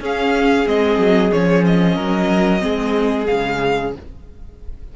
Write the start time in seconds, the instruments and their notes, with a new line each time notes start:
0.00 viola C#4, cello C#4, violin G#4 F5
0.66 cello G#3, viola C4, violin D#5
0.98 cello F#3
1.32 cello F3, viola C#4, violin C#5
1.66 violin D#5
1.96 cello F#3, violin A#4
2.59 cello G#3, viola C4, violin G#4
3.26 cello C#3, viola G#3, violin F5